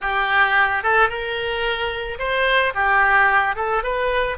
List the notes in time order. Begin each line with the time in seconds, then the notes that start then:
0.01 G4
0.83 A4
1.09 A#4
2.18 C5
2.74 G4
3.55 A4
3.83 B4